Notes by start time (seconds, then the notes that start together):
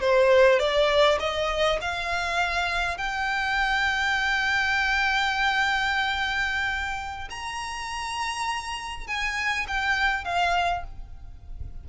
0.00 C5
0.59 D5
1.20 D#5
1.81 F5
2.97 G5
7.30 A#5
9.07 G#5
9.67 G5
10.24 F5